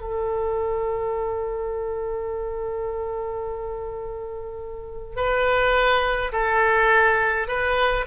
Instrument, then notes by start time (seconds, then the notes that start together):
oboe
0.00 A4
5.16 B4
6.32 A4
7.47 B4